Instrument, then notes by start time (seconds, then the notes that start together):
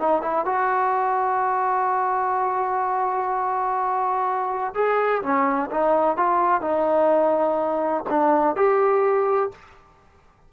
trombone
0.00 D#4
0.22 E4
0.46 F#4
4.75 G#4
5.23 C#4
5.71 D#4
6.17 F4
6.62 D#4
8.10 D4
8.56 G4